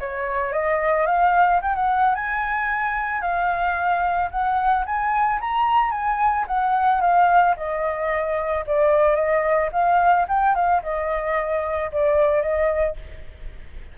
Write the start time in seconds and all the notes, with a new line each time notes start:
0.00 C#5
0.53 D#5
1.07 F5
1.62 G5
1.76 F#5
2.15 G#5
3.22 F5
4.31 F#5
4.86 G#5
5.41 A#5
5.91 G#5
6.47 F#5
7.01 F5
7.57 D#5
8.67 D5
9.15 D#5
9.72 F5
10.29 G5
10.55 F5
10.83 D#5
11.92 D5
12.42 D#5